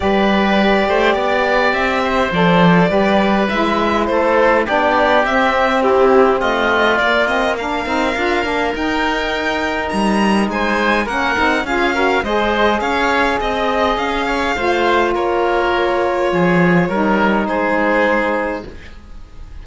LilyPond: <<
  \new Staff \with { instrumentName = "violin" } { \time 4/4 \tempo 4 = 103 d''2. e''4 | d''2 e''4 c''4 | d''4 e''4 g'4 dis''4 | d''8 dis''8 f''2 g''4~ |
g''4 ais''4 gis''4 fis''4 | f''4 dis''4 f''4 dis''4 | f''2 cis''2~ | cis''2 c''2 | }
  \new Staff \with { instrumentName = "oboe" } { \time 4/4 b'4. c''8 d''4. c''8~ | c''4 b'2 a'4 | g'2 e'4 f'4~ | f'4 ais'2.~ |
ais'2 c''4 ais'4 | gis'8 ais'8 c''4 cis''4 dis''4~ | dis''8 cis''8 c''4 ais'2 | gis'4 ais'4 gis'2 | }
  \new Staff \with { instrumentName = "saxophone" } { \time 4/4 g'1 | a'4 g'4 e'2 | d'4 c'2. | ais8 c'8 d'8 dis'8 f'8 d'8 dis'4~ |
dis'2. cis'8 dis'8 | f'8 fis'8 gis'2.~ | gis'4 f'2.~ | f'4 dis'2. | }
  \new Staff \with { instrumentName = "cello" } { \time 4/4 g4. a8 b4 c'4 | f4 g4 gis4 a4 | b4 c'2 a4 | ais4. c'8 d'8 ais8 dis'4~ |
dis'4 g4 gis4 ais8 c'8 | cis'4 gis4 cis'4 c'4 | cis'4 a4 ais2 | f4 g4 gis2 | }
>>